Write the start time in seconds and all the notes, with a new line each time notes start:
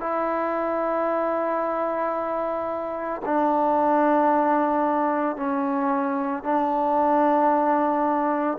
0.00 E4
3.25 D4
5.36 C#4
6.43 D4